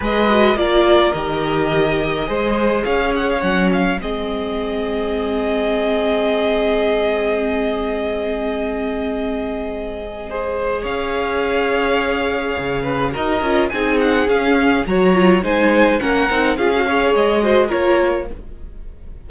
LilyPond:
<<
  \new Staff \with { instrumentName = "violin" } { \time 4/4 \tempo 4 = 105 dis''4 d''4 dis''2~ | dis''4 f''8 fis''16 f''16 fis''8 f''8 dis''4~ | dis''1~ | dis''1~ |
dis''2. f''4~ | f''2. dis''4 | gis''8 fis''8 f''4 ais''4 gis''4 | fis''4 f''4 dis''4 cis''4 | }
  \new Staff \with { instrumentName = "violin" } { \time 4/4 b'4 ais'2. | c''4 cis''2 gis'4~ | gis'1~ | gis'1~ |
gis'2 c''4 cis''4~ | cis''2~ cis''8 b'8 ais'4 | gis'2 cis''4 c''4 | ais'4 gis'8 cis''4 c''8 ais'4 | }
  \new Staff \with { instrumentName = "viola" } { \time 4/4 gis'8 fis'8 f'4 g'2 | gis'2 cis'4 c'4~ | c'1~ | c'1~ |
c'2 gis'2~ | gis'2. fis'8 f'8 | dis'4 cis'4 fis'8 f'8 dis'4 | cis'8 dis'8 f'16 fis'16 gis'4 fis'8 f'4 | }
  \new Staff \with { instrumentName = "cello" } { \time 4/4 gis4 ais4 dis2 | gis4 cis'4 fis4 gis4~ | gis1~ | gis1~ |
gis2. cis'4~ | cis'2 cis4 dis'8 cis'8 | c'4 cis'4 fis4 gis4 | ais8 c'8 cis'4 gis4 ais4 | }
>>